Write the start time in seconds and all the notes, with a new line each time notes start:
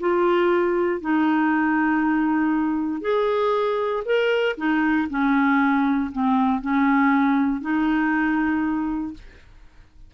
0.00 F4
1.01 D#4
3.01 G#4
4.05 A#4
4.57 D#4
5.10 C#4
6.12 C4
6.61 C#4
7.61 D#4